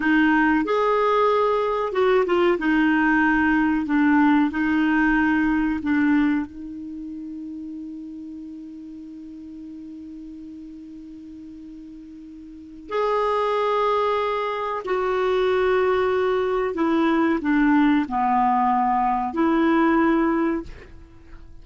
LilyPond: \new Staff \with { instrumentName = "clarinet" } { \time 4/4 \tempo 4 = 93 dis'4 gis'2 fis'8 f'8 | dis'2 d'4 dis'4~ | dis'4 d'4 dis'2~ | dis'1~ |
dis'1 | gis'2. fis'4~ | fis'2 e'4 d'4 | b2 e'2 | }